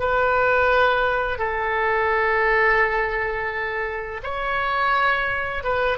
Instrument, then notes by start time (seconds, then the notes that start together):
oboe
0.00 B4
1.39 A4
4.24 C#5
5.64 B4